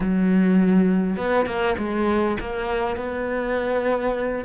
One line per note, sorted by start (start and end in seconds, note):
0.00 1.17 F#3
1.17 1.46 B3
1.46 1.75 A#3
1.78 2.37 G#3
2.40 2.96 A#3
2.96 4.44 B3